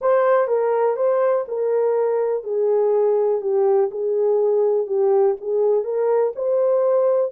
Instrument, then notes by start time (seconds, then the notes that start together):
horn
0.01 C5
0.47 A#4
0.96 C5
1.48 A#4
2.43 G#4
3.41 G4
3.91 G#4
4.86 G4
5.40 G#4
5.84 A#4
6.35 C5